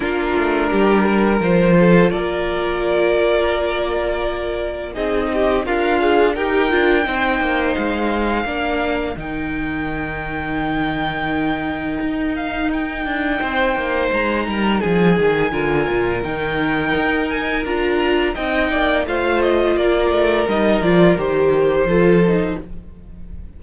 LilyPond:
<<
  \new Staff \with { instrumentName = "violin" } { \time 4/4 \tempo 4 = 85 ais'2 c''4 d''4~ | d''2. dis''4 | f''4 g''2 f''4~ | f''4 g''2.~ |
g''4. f''8 g''2 | ais''4 gis''2 g''4~ | g''8 gis''8 ais''4 g''4 f''8 dis''8 | d''4 dis''8 d''8 c''2 | }
  \new Staff \with { instrumentName = "violin" } { \time 4/4 f'4 g'8 ais'4 a'8 ais'4~ | ais'2. gis'8 g'8 | f'4 ais'4 c''2 | ais'1~ |
ais'2. c''4~ | c''8 ais'8 gis'4 ais'2~ | ais'2 dis''8 d''8 c''4 | ais'2. a'4 | }
  \new Staff \with { instrumentName = "viola" } { \time 4/4 d'2 f'2~ | f'2. dis'4 | ais'8 gis'8 g'8 f'8 dis'2 | d'4 dis'2.~ |
dis'1~ | dis'2 f'4 dis'4~ | dis'4 f'4 dis'4 f'4~ | f'4 dis'8 f'8 g'4 f'8 dis'8 | }
  \new Staff \with { instrumentName = "cello" } { \time 4/4 ais8 a8 g4 f4 ais4~ | ais2. c'4 | d'4 dis'8 d'8 c'8 ais8 gis4 | ais4 dis2.~ |
dis4 dis'4. d'8 c'8 ais8 | gis8 g8 f8 dis8 d8 ais,8 dis4 | dis'4 d'4 c'8 ais8 a4 | ais8 a8 g8 f8 dis4 f4 | }
>>